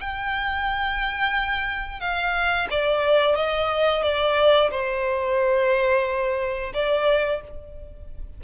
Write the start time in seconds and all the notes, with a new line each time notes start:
0.00 G5
2.00 F5
2.70 D5
3.35 D#5
4.02 D5
4.70 C5
6.73 D5